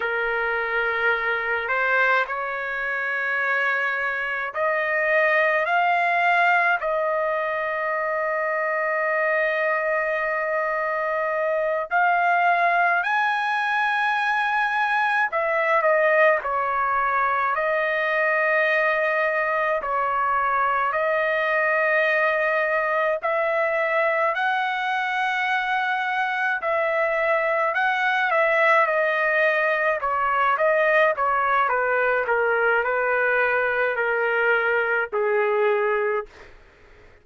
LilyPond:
\new Staff \with { instrumentName = "trumpet" } { \time 4/4 \tempo 4 = 53 ais'4. c''8 cis''2 | dis''4 f''4 dis''2~ | dis''2~ dis''8 f''4 gis''8~ | gis''4. e''8 dis''8 cis''4 dis''8~ |
dis''4. cis''4 dis''4.~ | dis''8 e''4 fis''2 e''8~ | e''8 fis''8 e''8 dis''4 cis''8 dis''8 cis''8 | b'8 ais'8 b'4 ais'4 gis'4 | }